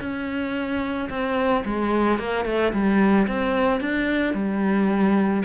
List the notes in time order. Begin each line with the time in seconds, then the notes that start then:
0.00 C#4
1.09 C4
1.65 G#3
2.18 A#3
2.45 A3
2.73 G3
3.27 C4
3.80 D4
4.34 G3